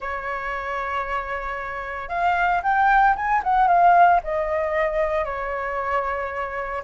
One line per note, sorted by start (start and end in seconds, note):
0.00 2.08 C#5
2.08 2.61 F5
2.62 3.15 G5
3.16 3.42 G#5
3.43 3.67 F#5
3.67 4.20 F5
4.23 5.24 D#5
5.24 6.82 C#5